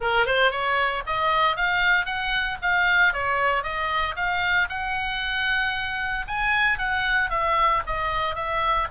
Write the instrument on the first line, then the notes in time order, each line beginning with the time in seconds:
oboe
0.00 A#4
0.25 C5
0.51 C#5
1.06 D#5
1.56 F5
2.05 F#5
2.62 F5
3.13 C#5
3.63 D#5
4.16 F5
4.69 F#5
6.27 G#5
6.78 F#5
7.30 E5
7.86 D#5
8.35 E5